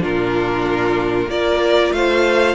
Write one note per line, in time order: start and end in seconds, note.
0.00 1.27 A#2
0.00 1.28 D4
0.00 1.30 F4
0.00 1.30 A#4
1.27 1.91 A#3
1.27 2.55 F4
1.27 1.95 A#4
1.27 1.93 D5
1.93 2.55 A3
1.93 2.55 C5
1.93 2.55 F5